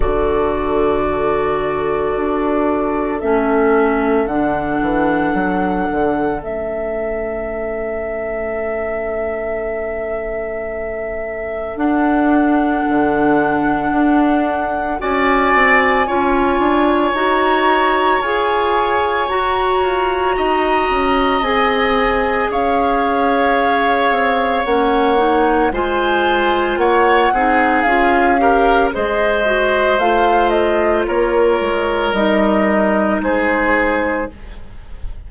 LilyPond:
<<
  \new Staff \with { instrumentName = "flute" } { \time 4/4 \tempo 4 = 56 d''2. e''4 | fis''2 e''2~ | e''2. fis''4~ | fis''2 gis''2 |
ais''4 gis''4 ais''2 | gis''4 f''2 fis''4 | gis''4 fis''4 f''4 dis''4 | f''8 dis''8 cis''4 dis''4 c''4 | }
  \new Staff \with { instrumentName = "oboe" } { \time 4/4 a'1~ | a'1~ | a'1~ | a'2 d''4 cis''4~ |
cis''2. dis''4~ | dis''4 cis''2. | c''4 cis''8 gis'4 ais'8 c''4~ | c''4 ais'2 gis'4 | }
  \new Staff \with { instrumentName = "clarinet" } { \time 4/4 fis'2. cis'4 | d'2 cis'2~ | cis'2. d'4~ | d'2 fis'4 f'4 |
fis'4 gis'4 fis'2 | gis'2. cis'8 dis'8 | f'4. dis'8 f'8 g'8 gis'8 fis'8 | f'2 dis'2 | }
  \new Staff \with { instrumentName = "bassoon" } { \time 4/4 d2 d'4 a4 | d8 e8 fis8 d8 a2~ | a2. d'4 | d4 d'4 cis'8 c'8 cis'8 d'8 |
dis'4 f'4 fis'8 f'8 dis'8 cis'8 | c'4 cis'4. c'8 ais4 | gis4 ais8 c'8 cis'4 gis4 | a4 ais8 gis8 g4 gis4 | }
>>